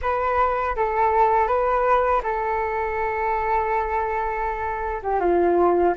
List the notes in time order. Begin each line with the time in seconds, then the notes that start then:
0.01 B4
0.75 A4
1.47 B4
2.23 A4
5.02 G4
5.20 F4